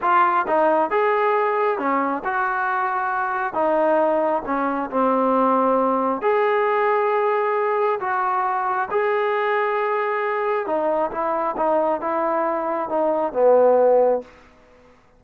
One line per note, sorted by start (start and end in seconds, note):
0.01 0.46 F4
0.47 0.90 D#4
0.90 1.78 G#4
1.78 2.22 C#4
2.24 3.53 F#4
3.53 4.42 D#4
4.45 4.90 C#4
4.90 6.21 C4
6.21 7.99 G#4
8.00 8.88 F#4
8.91 10.66 G#4
10.66 11.10 D#4
11.11 11.55 E4
11.57 12.00 D#4
12.00 12.89 E4
12.89 13.32 D#4
13.32 14.21 B3